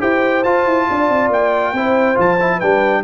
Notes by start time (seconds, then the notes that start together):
0.00 E4 G4 C5 G5
0.44 F4 A5
0.66 E4
0.89 D4 D5
1.09 C4
1.29 A#3 G5
1.73 C4 E4 C5
2.15 F3 F4 A5
2.40 E4
2.57 G3 D4 B4 G5